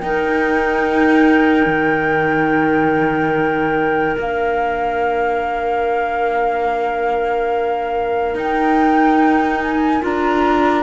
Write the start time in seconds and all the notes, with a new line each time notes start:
0.00 D#4 A#4 G5
1.66 D#3
4.17 A#3 D4 F5
8.34 D#4 G5
9.61 G#5
10.01 D4 F4 A#5